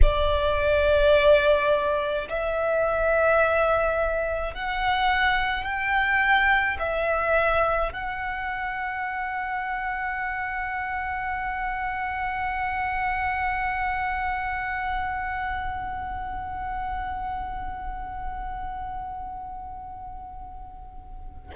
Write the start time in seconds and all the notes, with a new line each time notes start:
0.02 D5
2.28 E5
4.54 F#5
5.63 G5
6.79 E5
7.92 F#5